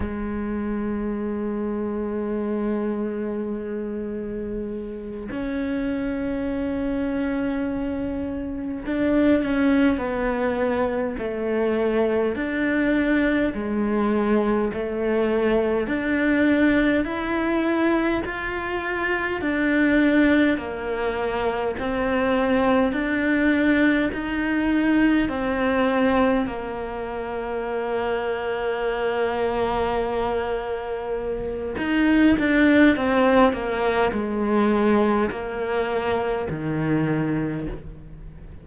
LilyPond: \new Staff \with { instrumentName = "cello" } { \time 4/4 \tempo 4 = 51 gis1~ | gis8 cis'2. d'8 | cis'8 b4 a4 d'4 gis8~ | gis8 a4 d'4 e'4 f'8~ |
f'8 d'4 ais4 c'4 d'8~ | d'8 dis'4 c'4 ais4.~ | ais2. dis'8 d'8 | c'8 ais8 gis4 ais4 dis4 | }